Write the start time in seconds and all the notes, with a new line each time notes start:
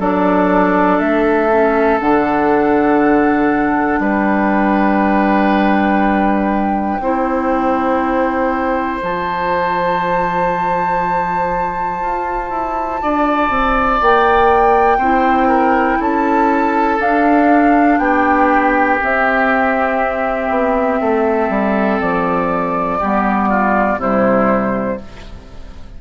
0.00 F#3 D4 A4 D5
1.00 A3 E5
1.51 C#4
2.00 D3 D4 F#5
4.00 G3 B4 G5
7.00 C4 E4 C5
9.02 F3 F4 A5
12.01 F4
12.50 E4
13.02 D4 D5
13.50 C4
14.02 A#3 G5
14.98 C4 E4 C5
15.48 A#4
16.00 C#4 A4 A5
17.00 D4 F5
17.98 B3 G4 G5
19.01 C4 E5
20.50 B3
21.01 A3 A4
21.50 G3
22.01 F3 D5
22.99 G3 B3 G4
23.49 F4
23.97 C3 G3 E4 C5